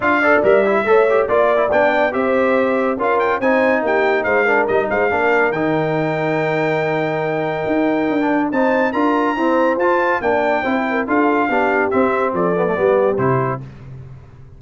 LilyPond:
<<
  \new Staff \with { instrumentName = "trumpet" } { \time 4/4 \tempo 4 = 141 f''4 e''2 d''4 | g''4 e''2 f''8 g''8 | gis''4 g''4 f''4 dis''8 f''8~ | f''4 g''2.~ |
g''1 | a''4 ais''2 a''4 | g''2 f''2 | e''4 d''2 c''4 | }
  \new Staff \with { instrumentName = "horn" } { \time 4/4 e''8 d''4. cis''4 d''4~ | d''4 c''2 ais'4 | c''4 g'4 c''8 ais'4 c''8 | ais'1~ |
ais'1 | c''4 ais'4 c''2 | d''4 c''8 ais'8 a'4 g'4~ | g'4 a'4 g'2 | }
  \new Staff \with { instrumentName = "trombone" } { \time 4/4 f'8 a'8 ais'8 e'8 a'8 g'8 f'8. e'16 | d'4 g'2 f'4 | dis'2~ dis'8 d'8 dis'4 | d'4 dis'2.~ |
dis'2.~ dis'16 d'8. | dis'4 f'4 c'4 f'4 | d'4 e'4 f'4 d'4 | c'4. b16 a16 b4 e'4 | }
  \new Staff \with { instrumentName = "tuba" } { \time 4/4 d'4 g4 a4 ais4 | b4 c'2 cis'4 | c'4 ais4 gis4 g8 gis8 | ais4 dis2.~ |
dis2 dis'4 d'4 | c'4 d'4 e'4 f'4 | ais4 c'4 d'4 b4 | c'4 f4 g4 c4 | }
>>